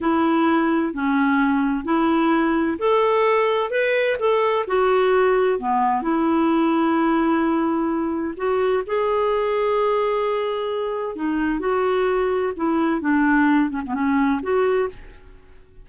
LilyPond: \new Staff \with { instrumentName = "clarinet" } { \time 4/4 \tempo 4 = 129 e'2 cis'2 | e'2 a'2 | b'4 a'4 fis'2 | b4 e'2.~ |
e'2 fis'4 gis'4~ | gis'1 | dis'4 fis'2 e'4 | d'4. cis'16 b16 cis'4 fis'4 | }